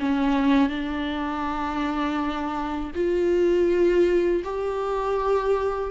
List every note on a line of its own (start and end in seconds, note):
0.00 0.70 C#4
0.70 2.92 D4
2.95 4.43 F4
4.44 5.91 G4